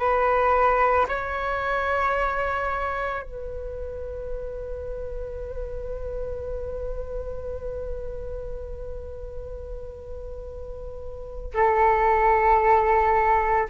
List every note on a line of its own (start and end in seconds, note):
0.00 1.07 B4
1.09 3.23 C#5
3.23 11.54 B4
11.54 13.69 A4